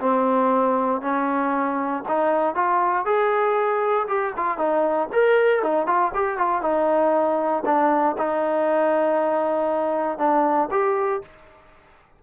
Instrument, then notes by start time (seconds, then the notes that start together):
trombone
0.00 C4
1.02 C#4
2.08 D#4
2.55 F4
3.06 G#4
4.08 G4
4.37 F4
4.58 D#4
5.13 A#4
5.63 D#4
5.87 F4
6.15 G4
6.38 F4
6.62 D#4
7.66 D4
8.18 D#4
10.19 D4
10.71 G4